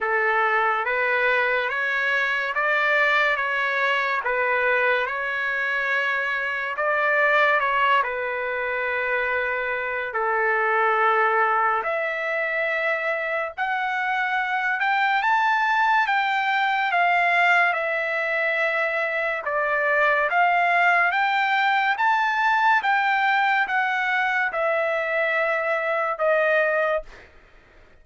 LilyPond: \new Staff \with { instrumentName = "trumpet" } { \time 4/4 \tempo 4 = 71 a'4 b'4 cis''4 d''4 | cis''4 b'4 cis''2 | d''4 cis''8 b'2~ b'8 | a'2 e''2 |
fis''4. g''8 a''4 g''4 | f''4 e''2 d''4 | f''4 g''4 a''4 g''4 | fis''4 e''2 dis''4 | }